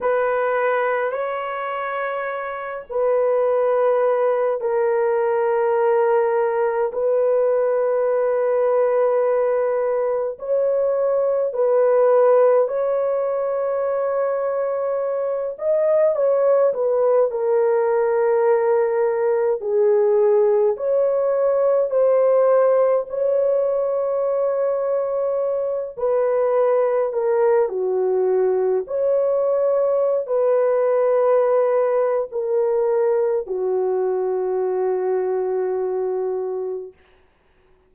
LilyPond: \new Staff \with { instrumentName = "horn" } { \time 4/4 \tempo 4 = 52 b'4 cis''4. b'4. | ais'2 b'2~ | b'4 cis''4 b'4 cis''4~ | cis''4. dis''8 cis''8 b'8 ais'4~ |
ais'4 gis'4 cis''4 c''4 | cis''2~ cis''8 b'4 ais'8 | fis'4 cis''4~ cis''16 b'4.~ b'16 | ais'4 fis'2. | }